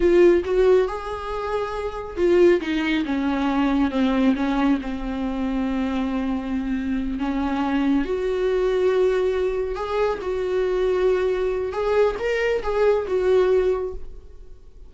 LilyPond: \new Staff \with { instrumentName = "viola" } { \time 4/4 \tempo 4 = 138 f'4 fis'4 gis'2~ | gis'4 f'4 dis'4 cis'4~ | cis'4 c'4 cis'4 c'4~ | c'1~ |
c'8 cis'2 fis'4.~ | fis'2~ fis'8 gis'4 fis'8~ | fis'2. gis'4 | ais'4 gis'4 fis'2 | }